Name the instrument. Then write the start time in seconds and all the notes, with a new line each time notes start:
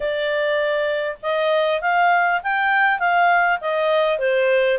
clarinet
0.00 D5
1.22 D#5
1.81 F5
2.43 G5
2.99 F5
3.60 D#5
4.18 C5